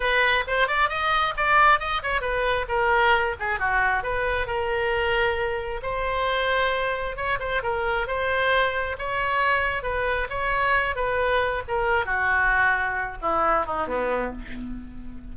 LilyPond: \new Staff \with { instrumentName = "oboe" } { \time 4/4 \tempo 4 = 134 b'4 c''8 d''8 dis''4 d''4 | dis''8 cis''8 b'4 ais'4. gis'8 | fis'4 b'4 ais'2~ | ais'4 c''2. |
cis''8 c''8 ais'4 c''2 | cis''2 b'4 cis''4~ | cis''8 b'4. ais'4 fis'4~ | fis'4. e'4 dis'8 b4 | }